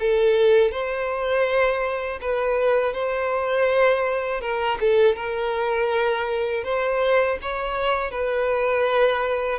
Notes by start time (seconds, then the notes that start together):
0.00 A4
0.71 C5
2.21 B4
2.94 C5
4.41 A#4
4.80 A4
5.16 A#4
6.64 C5
7.42 C#5
8.11 B4